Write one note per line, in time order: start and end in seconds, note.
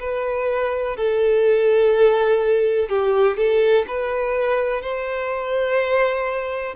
0.00 0.97 B4
0.97 2.89 A4
2.89 3.37 G4
3.37 3.86 A4
3.88 4.82 B4
4.82 6.76 C5